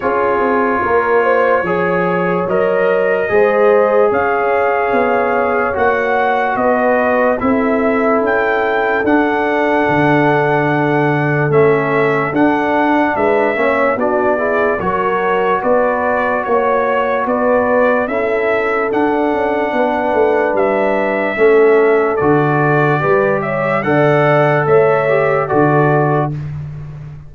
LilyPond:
<<
  \new Staff \with { instrumentName = "trumpet" } { \time 4/4 \tempo 4 = 73 cis''2. dis''4~ | dis''4 f''2 fis''4 | dis''4 e''4 g''4 fis''4~ | fis''2 e''4 fis''4 |
e''4 d''4 cis''4 d''4 | cis''4 d''4 e''4 fis''4~ | fis''4 e''2 d''4~ | d''8 e''8 fis''4 e''4 d''4 | }
  \new Staff \with { instrumentName = "horn" } { \time 4/4 gis'4 ais'8 c''8 cis''2 | c''4 cis''2. | b'4 a'2.~ | a'1 |
b'8 cis''8 fis'8 gis'8 ais'4 b'4 | cis''4 b'4 a'2 | b'2 a'2 | b'8 cis''8 d''4 cis''4 a'4 | }
  \new Staff \with { instrumentName = "trombone" } { \time 4/4 f'2 gis'4 ais'4 | gis'2. fis'4~ | fis'4 e'2 d'4~ | d'2 cis'4 d'4~ |
d'8 cis'8 d'8 e'8 fis'2~ | fis'2 e'4 d'4~ | d'2 cis'4 fis'4 | g'4 a'4. g'8 fis'4 | }
  \new Staff \with { instrumentName = "tuba" } { \time 4/4 cis'8 c'8 ais4 f4 fis4 | gis4 cis'4 b4 ais4 | b4 c'4 cis'4 d'4 | d2 a4 d'4 |
gis8 ais8 b4 fis4 b4 | ais4 b4 cis'4 d'8 cis'8 | b8 a8 g4 a4 d4 | g4 d4 a4 d4 | }
>>